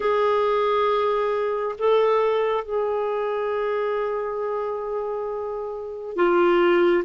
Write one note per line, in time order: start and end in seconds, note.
0.00 1.75 G#4
1.78 2.64 A4
2.64 6.15 G#4
6.15 7.03 F4